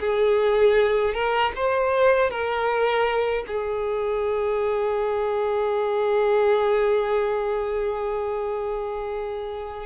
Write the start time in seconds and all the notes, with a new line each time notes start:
0.00 G#4
1.14 A#4
1.56 C5
2.31 A#4
3.47 G#4